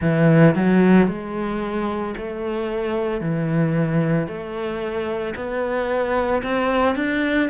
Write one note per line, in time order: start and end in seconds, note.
0.00 0.54 E3
0.55 1.07 F#3
1.07 2.14 G#3
2.17 3.20 A3
3.20 4.27 E3
4.27 5.34 A3
5.35 6.42 B3
6.42 6.95 C4
6.95 7.49 D4